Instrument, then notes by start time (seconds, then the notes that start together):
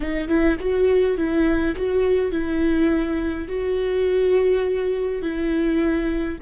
viola
0.00 D#4
0.28 E4
0.59 F#4
1.17 E4
1.76 F#4
2.31 E4
3.48 F#4
5.21 E4